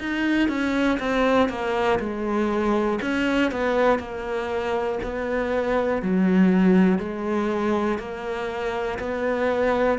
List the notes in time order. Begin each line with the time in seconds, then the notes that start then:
0.00 D#4
0.49 C#4
1.00 C4
1.49 A#3
2.00 G#3
3.02 C#4
3.51 B3
3.99 A#3
5.03 B3
6.02 F#3
6.99 G#3
7.99 A#3
8.99 B3